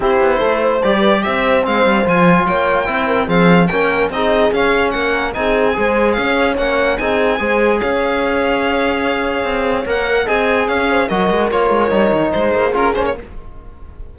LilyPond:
<<
  \new Staff \with { instrumentName = "violin" } { \time 4/4 \tempo 4 = 146 c''2 d''4 e''4 | f''4 gis''4 g''2 | f''4 g''4 dis''4 f''4 | fis''4 gis''2 f''4 |
fis''4 gis''2 f''4~ | f''1 | fis''4 gis''4 f''4 dis''4 | cis''2 c''4 ais'8 c''16 cis''16 | }
  \new Staff \with { instrumentName = "horn" } { \time 4/4 g'4 a'8 c''4 b'8 c''4~ | c''2 cis''4 c''8 ais'8 | gis'4 ais'4 gis'2 | ais'4 gis'4 c''4 cis''4~ |
cis''4 gis'4 c''4 cis''4~ | cis''1~ | cis''4 dis''4 cis''8 c''8 ais'4~ | ais'2 gis'2 | }
  \new Staff \with { instrumentName = "trombone" } { \time 4/4 e'2 g'2 | c'4 f'2 e'4 | c'4 cis'4 dis'4 cis'4~ | cis'4 dis'4 gis'2 |
cis'4 dis'4 gis'2~ | gis'1 | ais'4 gis'2 fis'4 | f'4 dis'2 f'8 cis'8 | }
  \new Staff \with { instrumentName = "cello" } { \time 4/4 c'8 b8 a4 g4 c'4 | gis8 g8 f4 ais4 c'4 | f4 ais4 c'4 cis'4 | ais4 c'4 gis4 cis'4 |
ais4 c'4 gis4 cis'4~ | cis'2. c'4 | ais4 c'4 cis'4 fis8 gis8 | ais8 gis8 g8 dis8 gis8 ais8 cis'8 ais8 | }
>>